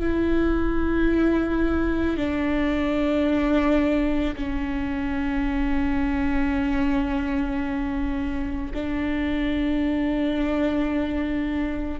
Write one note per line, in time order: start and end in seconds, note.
0.00 2.17 E4
2.17 4.35 D4
4.36 8.72 C#4
8.74 12.00 D4